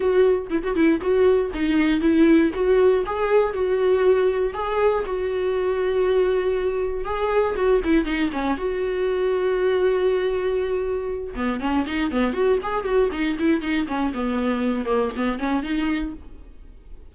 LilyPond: \new Staff \with { instrumentName = "viola" } { \time 4/4 \tempo 4 = 119 fis'4 e'16 fis'16 e'8 fis'4 dis'4 | e'4 fis'4 gis'4 fis'4~ | fis'4 gis'4 fis'2~ | fis'2 gis'4 fis'8 e'8 |
dis'8 cis'8 fis'2.~ | fis'2~ fis'8 b8 cis'8 dis'8 | b8 fis'8 gis'8 fis'8 dis'8 e'8 dis'8 cis'8 | b4. ais8 b8 cis'8 dis'4 | }